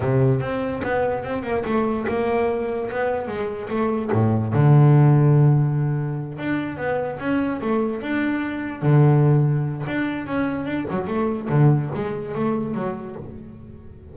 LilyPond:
\new Staff \with { instrumentName = "double bass" } { \time 4/4 \tempo 4 = 146 c4 c'4 b4 c'8 ais8 | a4 ais2 b4 | gis4 a4 a,4 d4~ | d2.~ d8 d'8~ |
d'8 b4 cis'4 a4 d'8~ | d'4. d2~ d8 | d'4 cis'4 d'8 fis8 a4 | d4 gis4 a4 fis4 | }